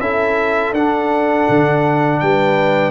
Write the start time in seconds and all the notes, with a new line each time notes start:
0.00 C#4 E4 A4 E5
0.73 D4 F#5
1.50 D3
2.20 G3 B4 G5